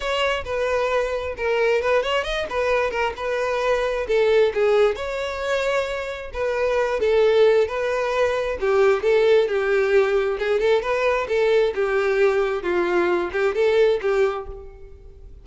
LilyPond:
\new Staff \with { instrumentName = "violin" } { \time 4/4 \tempo 4 = 133 cis''4 b'2 ais'4 | b'8 cis''8 dis''8 b'4 ais'8 b'4~ | b'4 a'4 gis'4 cis''4~ | cis''2 b'4. a'8~ |
a'4 b'2 g'4 | a'4 g'2 gis'8 a'8 | b'4 a'4 g'2 | f'4. g'8 a'4 g'4 | }